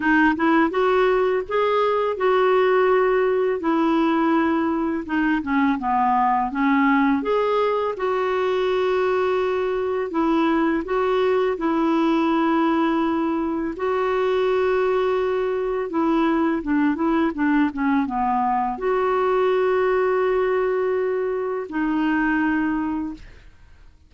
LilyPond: \new Staff \with { instrumentName = "clarinet" } { \time 4/4 \tempo 4 = 83 dis'8 e'8 fis'4 gis'4 fis'4~ | fis'4 e'2 dis'8 cis'8 | b4 cis'4 gis'4 fis'4~ | fis'2 e'4 fis'4 |
e'2. fis'4~ | fis'2 e'4 d'8 e'8 | d'8 cis'8 b4 fis'2~ | fis'2 dis'2 | }